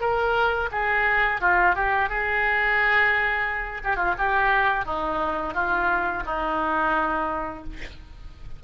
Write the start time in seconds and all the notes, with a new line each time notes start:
0.00 A#4
0.71 G#4
1.40 F4
1.75 G4
2.09 G#4
3.84 G4
3.96 F4
4.18 G4
4.85 D#4
5.54 F4
6.25 D#4